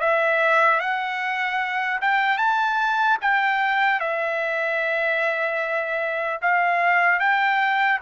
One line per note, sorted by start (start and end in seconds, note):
0.00 0.80 E5
0.80 2.00 F#5
2.01 2.38 G5
2.38 3.18 A5
3.21 4.00 G5
4.00 6.40 E5
6.42 7.19 F5
7.19 7.99 G5